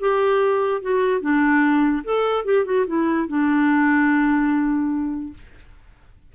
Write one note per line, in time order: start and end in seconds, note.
0.00 0.81 G4
0.81 1.21 F#4
1.21 2.03 D4
2.04 2.45 A4
2.45 2.65 G4
2.65 2.86 F#4
2.87 3.28 E4
3.28 5.33 D4